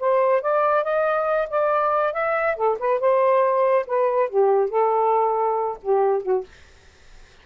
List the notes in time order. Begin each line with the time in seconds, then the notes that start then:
0.00 C5
0.42 D5
0.84 D#5
1.50 D5
2.13 E5
2.57 A4
2.79 B4
3.00 C5
3.87 B4
4.29 G4
4.70 A4
5.82 G4
6.23 F#4